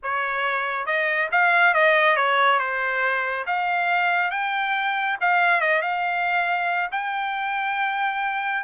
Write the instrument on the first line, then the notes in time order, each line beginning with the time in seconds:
trumpet
0.02 C#5
0.86 D#5
1.31 F5
1.74 D#5
2.16 C#5
2.59 C5
3.46 F5
4.30 G5
5.20 F5
5.61 D#5
5.82 F5
6.91 G5